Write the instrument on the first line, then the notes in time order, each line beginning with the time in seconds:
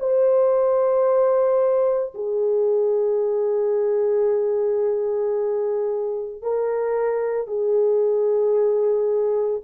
horn
0.00 C5
2.15 G#4
6.42 A#4
7.48 G#4